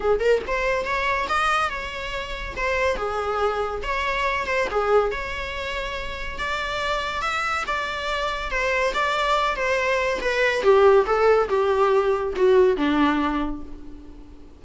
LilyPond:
\new Staff \with { instrumentName = "viola" } { \time 4/4 \tempo 4 = 141 gis'8 ais'8 c''4 cis''4 dis''4 | cis''2 c''4 gis'4~ | gis'4 cis''4. c''8 gis'4 | cis''2. d''4~ |
d''4 e''4 d''2 | c''4 d''4. c''4. | b'4 g'4 a'4 g'4~ | g'4 fis'4 d'2 | }